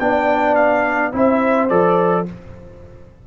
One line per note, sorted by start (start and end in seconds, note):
0.00 1.13 B3
0.00 1.13 D4
0.00 1.13 D5
0.00 0.56 G5
0.56 1.12 F5
1.13 1.70 C4
1.13 1.69 E4
1.13 2.26 C5
1.13 1.70 E5
1.70 2.27 F3
1.70 2.26 A4
1.70 2.26 D5